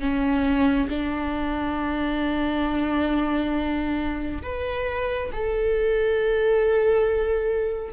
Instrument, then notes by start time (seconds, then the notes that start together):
viola
0.00 C#4
0.89 D4
4.42 B4
5.33 A4